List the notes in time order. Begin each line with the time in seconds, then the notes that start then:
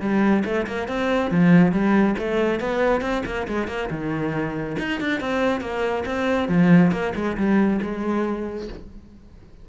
0.00 G3
0.45 A3
0.67 A#3
0.88 C4
1.30 F3
1.71 G3
2.18 A3
2.60 B3
3.01 C4
3.25 A#3
3.47 G#3
3.67 A#3
3.90 D#3
4.78 D#4
5.00 D4
5.20 C4
5.61 A#3
6.05 C4
6.48 F3
6.91 A#3
7.15 G#3
7.37 G3
7.82 G#3